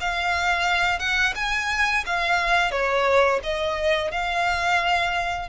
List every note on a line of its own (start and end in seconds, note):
0.00 0.99 F5
0.99 1.33 F#5
1.35 2.04 G#5
2.06 2.71 F5
2.71 3.40 C#5
3.43 4.11 D#5
4.11 5.48 F5